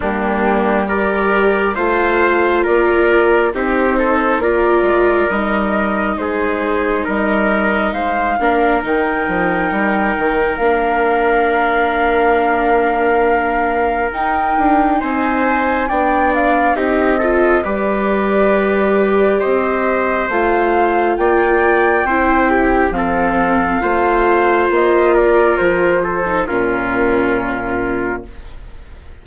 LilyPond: <<
  \new Staff \with { instrumentName = "flute" } { \time 4/4 \tempo 4 = 68 g'4 d''4 f''4 d''4 | c''4 d''4 dis''4 c''4 | dis''4 f''4 g''2 | f''1 |
g''4 gis''4 g''8 f''8 dis''4 | d''2 dis''4 f''4 | g''2 f''2 | dis''8 d''8 c''4 ais'2 | }
  \new Staff \with { instrumentName = "trumpet" } { \time 4/4 d'4 ais'4 c''4 ais'4 | g'8 a'8 ais'2 gis'4 | ais'4 c''8 ais'2~ ais'8~ | ais'1~ |
ais'4 c''4 d''4 g'8 a'8 | b'2 c''2 | d''4 c''8 g'8 a'4 c''4~ | c''8 ais'4 a'8 f'2 | }
  \new Staff \with { instrumentName = "viola" } { \time 4/4 ais4 g'4 f'2 | dis'4 f'4 dis'2~ | dis'4. d'8 dis'2 | d'1 |
dis'2 d'4 dis'8 f'8 | g'2. f'4~ | f'4 e'4 c'4 f'4~ | f'4.~ f'16 dis'16 cis'2 | }
  \new Staff \with { instrumentName = "bassoon" } { \time 4/4 g2 a4 ais4 | c'4 ais8 gis8 g4 gis4 | g4 gis8 ais8 dis8 f8 g8 dis8 | ais1 |
dis'8 d'8 c'4 b4 c'4 | g2 c'4 a4 | ais4 c'4 f4 a4 | ais4 f4 ais,2 | }
>>